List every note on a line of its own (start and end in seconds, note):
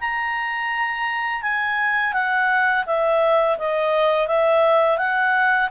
0.00 1.42 A#5
1.42 2.13 G#5
2.13 2.85 F#5
2.86 3.58 E5
3.58 4.28 D#5
4.28 4.98 E5
4.98 5.69 F#5